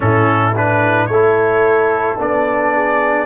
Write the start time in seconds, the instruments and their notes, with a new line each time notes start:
0.00 tuba A2, trombone C#4, horn E4, trumpet A4
0.55 trombone D4, trumpet B4
1.06 tuba A3, horn A4, trumpet C#5
1.12 trombone E4
2.18 tuba B3, trombone D4, trumpet D5
2.74 horn G#4